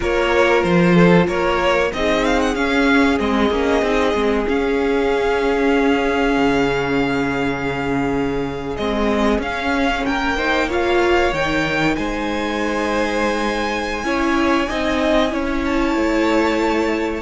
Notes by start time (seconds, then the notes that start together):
0.00 A#3 F4 A#4 C#5
0.63 F3 C5
0.94 A4
1.27 A#3 A#4 C#5
1.93 C4 D#4 G#4 D#5
2.24 F5
2.40 F#5
2.54 C#4 F5
3.18 G#3 C4 D#5
3.50 A#3 C#4
3.82 C4 D#4
4.14 G#3 C4
4.45 C#4 F5
6.37 C#3
8.76 G#3 C4 D#5
9.38 C#4 F5
10.05 A#3 A#4 G5
10.37 D#4 C5
10.67 F4 C#5 F5
11.32 D#3 D#4 G5
11.95 G#3 C5 G#5
14.03 C#4 E4 C#5
14.68 C4 D#4 D#5
15.29 C#4 E4 C#5
15.65 A5
15.94 A3